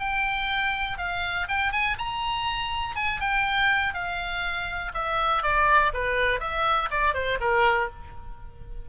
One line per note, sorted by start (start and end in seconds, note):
0.00 0.98 G5
0.99 1.48 F5
1.49 1.73 G5
1.73 1.97 G#5
1.99 2.96 A#5
2.96 3.21 G#5
3.21 3.94 G5
3.94 4.93 F5
4.94 5.43 E5
5.43 5.92 D5
5.94 6.40 B4
6.40 6.90 E5
6.91 7.14 D5
7.14 7.39 C5
7.41 7.90 A#4